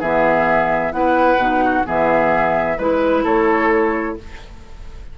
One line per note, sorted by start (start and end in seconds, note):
0.00 0.92 E3
0.00 0.92 B3
0.00 0.92 G#4
0.00 0.92 E5
0.92 1.37 B3
0.92 1.38 E4
0.92 1.64 B4
0.92 1.85 F#5
1.37 1.83 B2
1.37 1.84 D#4
1.64 1.86 F#4
1.84 2.79 E3
1.84 2.77 B3
1.84 2.78 G#4
1.84 2.79 E5
2.78 3.24 G#3
2.78 4.18 E4
2.78 3.23 B4
2.78 3.25 B4
3.23 4.17 A3
3.23 4.16 A4
3.23 4.18 C#5